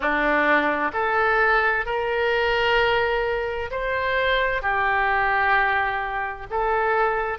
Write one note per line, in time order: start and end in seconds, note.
0.00 0.91 D4
0.93 1.85 A4
1.85 3.70 A#4
3.70 4.62 C5
4.62 6.46 G4
6.50 7.38 A4